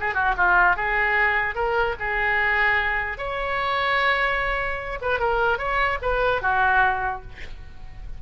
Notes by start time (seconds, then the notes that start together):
0.00 G#4
0.14 F#4
0.37 F4
0.76 G#4
1.55 A#4
1.99 G#4
3.18 C#5
5.01 B4
5.19 A#4
5.58 C#5
6.02 B4
6.42 F#4